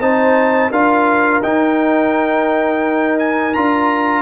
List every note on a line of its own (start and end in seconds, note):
0.00 0.71 C4
0.00 0.72 D#4
0.00 0.71 C5
0.00 0.72 A5
0.71 1.42 D4
0.71 1.43 F4
0.71 4.23 A#4
0.71 1.43 F5
1.43 3.54 D#4
1.43 3.55 D#4
1.43 3.19 G5
3.19 3.54 G#5
3.54 4.23 D4
3.54 4.23 F4
3.54 4.23 A#5